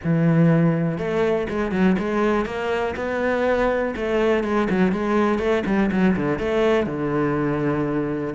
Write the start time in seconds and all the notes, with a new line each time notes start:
0.04 E3
0.98 A3
1.49 G#3
1.71 F#3
1.99 G#3
2.45 A#3
2.96 B3
3.96 A3
4.43 G#3
4.70 F#3
4.92 G#3
5.38 A3
5.66 G3
5.91 F#3
6.16 D3
6.38 A3
6.86 D3